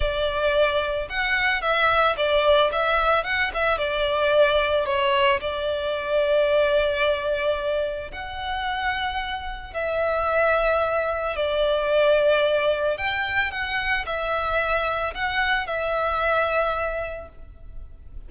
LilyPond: \new Staff \with { instrumentName = "violin" } { \time 4/4 \tempo 4 = 111 d''2 fis''4 e''4 | d''4 e''4 fis''8 e''8 d''4~ | d''4 cis''4 d''2~ | d''2. fis''4~ |
fis''2 e''2~ | e''4 d''2. | g''4 fis''4 e''2 | fis''4 e''2. | }